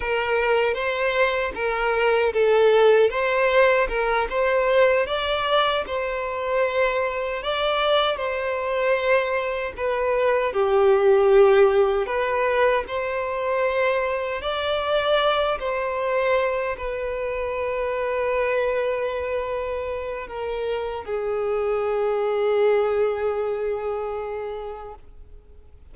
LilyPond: \new Staff \with { instrumentName = "violin" } { \time 4/4 \tempo 4 = 77 ais'4 c''4 ais'4 a'4 | c''4 ais'8 c''4 d''4 c''8~ | c''4. d''4 c''4.~ | c''8 b'4 g'2 b'8~ |
b'8 c''2 d''4. | c''4. b'2~ b'8~ | b'2 ais'4 gis'4~ | gis'1 | }